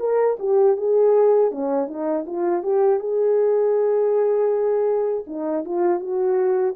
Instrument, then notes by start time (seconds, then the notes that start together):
horn
0.00 A#4
0.40 G4
0.77 G#4
1.52 C#4
1.88 D#4
2.27 F4
2.63 G4
3.00 G#4
5.27 D#4
5.66 F4
6.00 F#4